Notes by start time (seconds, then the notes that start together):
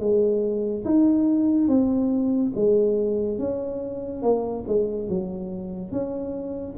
0.00 G#3
0.85 D#4
1.68 C4
2.55 G#3
3.39 C#4
4.23 A#3
4.68 G#3
5.09 F#3
5.92 C#4